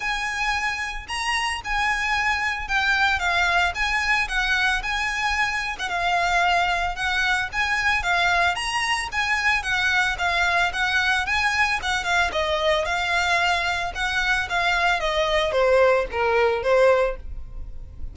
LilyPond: \new Staff \with { instrumentName = "violin" } { \time 4/4 \tempo 4 = 112 gis''2 ais''4 gis''4~ | gis''4 g''4 f''4 gis''4 | fis''4 gis''4.~ gis''16 fis''16 f''4~ | f''4 fis''4 gis''4 f''4 |
ais''4 gis''4 fis''4 f''4 | fis''4 gis''4 fis''8 f''8 dis''4 | f''2 fis''4 f''4 | dis''4 c''4 ais'4 c''4 | }